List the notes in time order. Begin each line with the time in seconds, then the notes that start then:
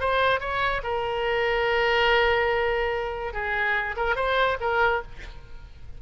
0.00 C5
0.40 C#5
0.83 A#4
3.33 G#4
3.97 A#4
4.16 C5
4.60 A#4